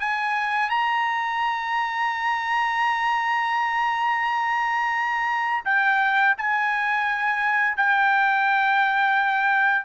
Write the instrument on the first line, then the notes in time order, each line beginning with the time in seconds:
trumpet
0.00 G#5
0.70 A#5
5.65 G5
6.38 G#5
7.76 G5